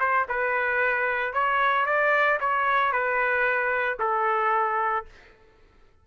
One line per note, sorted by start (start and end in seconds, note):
0.00 0.27 C5
0.28 1.33 B4
1.33 1.86 C#5
1.86 2.39 D5
2.40 2.92 C#5
2.92 3.98 B4
3.99 5.05 A4